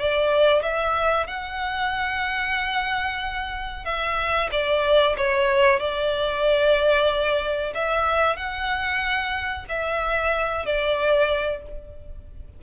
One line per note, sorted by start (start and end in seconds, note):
0.00 0.63 D5
0.63 1.27 E5
1.27 3.85 F#5
3.85 4.50 E5
4.52 5.16 D5
5.18 5.80 C#5
5.80 7.74 D5
7.74 8.37 E5
8.37 9.66 F#5
9.69 10.66 E5
10.66 11.63 D5